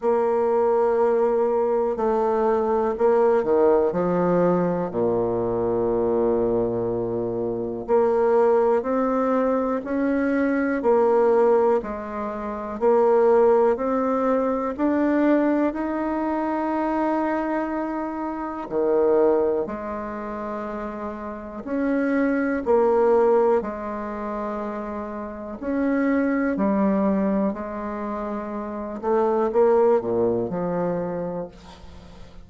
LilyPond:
\new Staff \with { instrumentName = "bassoon" } { \time 4/4 \tempo 4 = 61 ais2 a4 ais8 dis8 | f4 ais,2. | ais4 c'4 cis'4 ais4 | gis4 ais4 c'4 d'4 |
dis'2. dis4 | gis2 cis'4 ais4 | gis2 cis'4 g4 | gis4. a8 ais8 ais,8 f4 | }